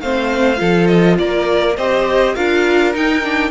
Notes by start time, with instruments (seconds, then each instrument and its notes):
0.00 cello A3, viola C4, violin C5 F5
0.56 cello F3, viola F4, violin A4
0.87 violin D#5
1.18 cello A#3, violin A#4 D5
1.76 cello C4, viola G4, violin C5 D#5
2.34 cello D4, viola F4, violin A#4 F5
2.93 viola D#4, cello D#4, violin G5
3.22 viola D4